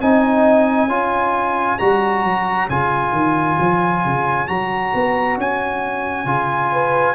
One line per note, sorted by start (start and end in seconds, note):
0.00 0.86 C4
0.00 0.88 D#4
0.00 0.90 D#5
0.00 1.78 G#5
0.86 1.76 C#4
0.86 1.78 F4
0.86 6.71 C#5
1.78 2.23 G3
1.78 2.69 F#4
1.78 2.68 A#5
2.23 2.68 F#3
2.69 3.12 C#3
2.69 4.47 F4
2.69 4.47 G#5
3.12 3.56 D#3
3.60 4.04 F3
4.04 4.49 C#3
4.47 4.93 F#3
4.47 6.25 F#4
4.47 5.36 A#5
4.94 5.37 B3
5.37 6.25 C#4
5.37 7.14 G#5
6.25 7.14 C#3
6.25 7.14 F4
6.71 7.14 B4